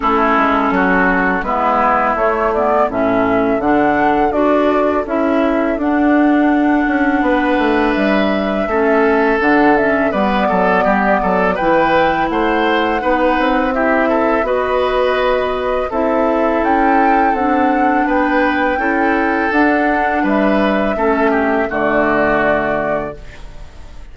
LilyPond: <<
  \new Staff \with { instrumentName = "flute" } { \time 4/4 \tempo 4 = 83 a'2 b'4 cis''8 d''8 | e''4 fis''4 d''4 e''4 | fis''2. e''4~ | e''4 fis''8 e''8 d''2 |
g''4 fis''2 e''4 | dis''2 e''4 g''4 | fis''4 g''2 fis''4 | e''2 d''2 | }
  \new Staff \with { instrumentName = "oboe" } { \time 4/4 e'4 fis'4 e'2 | a'1~ | a'2 b'2 | a'2 b'8 a'8 g'8 a'8 |
b'4 c''4 b'4 g'8 a'8 | b'2 a'2~ | a'4 b'4 a'2 | b'4 a'8 g'8 fis'2 | }
  \new Staff \with { instrumentName = "clarinet" } { \time 4/4 cis'2 b4 a8 b8 | cis'4 d'4 fis'4 e'4 | d'1 | cis'4 d'8 cis'8 b2 |
e'2 dis'4 e'4 | fis'2 e'2 | d'2 e'4 d'4~ | d'4 cis'4 a2 | }
  \new Staff \with { instrumentName = "bassoon" } { \time 4/4 a8 gis8 fis4 gis4 a4 | a,4 d4 d'4 cis'4 | d'4. cis'8 b8 a8 g4 | a4 d4 g8 fis8 g8 fis8 |
e4 a4 b8 c'4. | b2 c'4 cis'4 | c'4 b4 cis'4 d'4 | g4 a4 d2 | }
>>